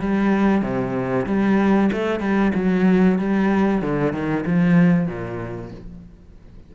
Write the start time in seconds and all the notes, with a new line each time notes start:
0.00 G3
0.62 C3
1.27 G3
1.93 A3
2.21 G3
2.55 F#3
3.19 G3
3.82 D3
4.13 D#3
4.47 F3
5.08 A#2